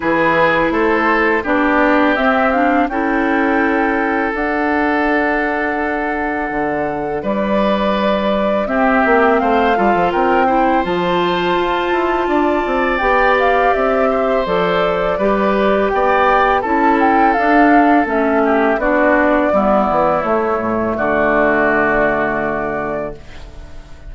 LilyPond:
<<
  \new Staff \with { instrumentName = "flute" } { \time 4/4 \tempo 4 = 83 b'4 c''4 d''4 e''8 f''8 | g''2 fis''2~ | fis''2 d''2 | e''4 f''4 g''4 a''4~ |
a''2 g''8 f''8 e''4 | d''2 g''4 a''8 g''8 | f''4 e''4 d''2 | cis''4 d''2. | }
  \new Staff \with { instrumentName = "oboe" } { \time 4/4 gis'4 a'4 g'2 | a'1~ | a'2 b'2 | g'4 c''8 a'8 ais'8 c''4.~ |
c''4 d''2~ d''8 c''8~ | c''4 b'4 d''4 a'4~ | a'4. g'8 fis'4 e'4~ | e'4 fis'2. | }
  \new Staff \with { instrumentName = "clarinet" } { \time 4/4 e'2 d'4 c'8 d'8 | e'2 d'2~ | d'1 | c'4. f'4 e'8 f'4~ |
f'2 g'2 | a'4 g'2 e'4 | d'4 cis'4 d'4 b4 | a1 | }
  \new Staff \with { instrumentName = "bassoon" } { \time 4/4 e4 a4 b4 c'4 | cis'2 d'2~ | d'4 d4 g2 | c'8 ais8 a8 g16 f16 c'4 f4 |
f'8 e'8 d'8 c'8 b4 c'4 | f4 g4 b4 cis'4 | d'4 a4 b4 g8 e8 | a8 a,8 d2. | }
>>